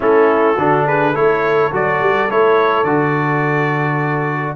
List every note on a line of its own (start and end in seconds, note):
0.00 0.57 A3
0.00 0.57 C#4
0.00 0.55 E4
0.00 0.87 A4
0.55 1.14 D3
0.55 1.14 D4
0.55 0.84 F#4
0.86 1.12 G#4
0.86 1.15 B4
1.12 1.72 A3
1.12 1.71 E4
1.12 4.55 A4
1.12 1.72 C#5
1.72 2.00 F#3
1.72 2.29 F#4
1.72 2.30 D5
2.00 2.29 G3
2.30 2.83 A3
2.30 2.85 E4
2.30 2.84 C#5
2.83 4.55 D3
2.83 4.56 F#4
2.83 4.55 D5